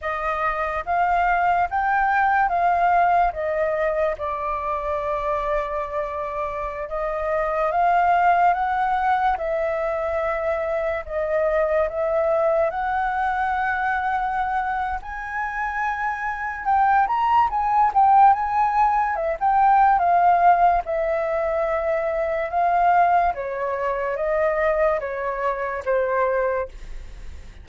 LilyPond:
\new Staff \with { instrumentName = "flute" } { \time 4/4 \tempo 4 = 72 dis''4 f''4 g''4 f''4 | dis''4 d''2.~ | d''16 dis''4 f''4 fis''4 e''8.~ | e''4~ e''16 dis''4 e''4 fis''8.~ |
fis''2 gis''2 | g''8 ais''8 gis''8 g''8 gis''4 e''16 g''8. | f''4 e''2 f''4 | cis''4 dis''4 cis''4 c''4 | }